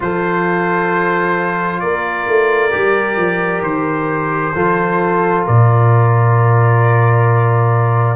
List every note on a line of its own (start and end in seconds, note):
0.00 1.82 F3
0.00 2.70 F4
0.00 1.82 A4
0.00 1.80 C5
1.80 2.27 A#3
1.80 4.55 A#4
1.80 3.61 D5
2.27 2.72 A3
2.70 3.16 G3
2.70 4.52 G4
3.16 3.61 F3
3.61 4.52 D#3
3.61 5.45 C5
4.55 5.46 F3
4.55 8.16 F4
4.55 5.45 A4
5.45 8.16 A#2
5.45 8.16 A#4
5.45 8.16 D5